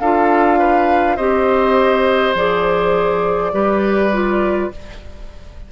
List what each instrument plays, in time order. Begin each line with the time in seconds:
0.00 bassoon D4, clarinet F4, oboe A4, flute F5
0.59 oboe B4
1.17 bassoon C4, clarinet G4, oboe C5, flute D#5
2.35 bassoon F3, clarinet G#4, flute D5
3.53 bassoon G3, clarinet G4, oboe B4
4.13 clarinet F4